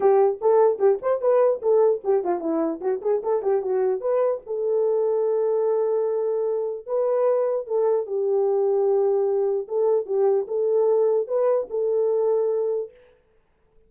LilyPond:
\new Staff \with { instrumentName = "horn" } { \time 4/4 \tempo 4 = 149 g'4 a'4 g'8 c''8 b'4 | a'4 g'8 f'8 e'4 fis'8 gis'8 | a'8 g'8 fis'4 b'4 a'4~ | a'1~ |
a'4 b'2 a'4 | g'1 | a'4 g'4 a'2 | b'4 a'2. | }